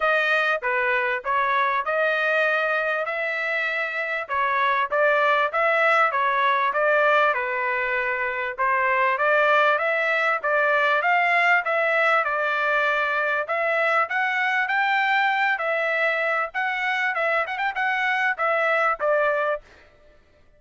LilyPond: \new Staff \with { instrumentName = "trumpet" } { \time 4/4 \tempo 4 = 98 dis''4 b'4 cis''4 dis''4~ | dis''4 e''2 cis''4 | d''4 e''4 cis''4 d''4 | b'2 c''4 d''4 |
e''4 d''4 f''4 e''4 | d''2 e''4 fis''4 | g''4. e''4. fis''4 | e''8 fis''16 g''16 fis''4 e''4 d''4 | }